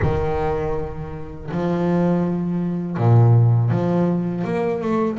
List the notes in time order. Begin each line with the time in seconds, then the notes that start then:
0.02 D#3
1.51 F3
2.97 A#2
3.70 F3
4.44 A#3
4.81 A3